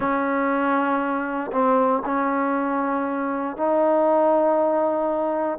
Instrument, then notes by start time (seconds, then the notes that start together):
trombone
0.00 C#4
1.51 C4
2.05 C#4
3.56 D#4